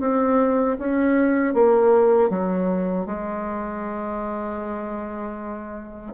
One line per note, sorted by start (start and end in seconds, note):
0.00 0.77 C4
0.79 1.54 C#4
1.54 2.29 A#3
2.29 3.06 F#3
3.06 6.14 G#3